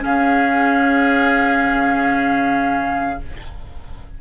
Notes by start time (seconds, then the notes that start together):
0.00 C#3 C#4 G#4 F5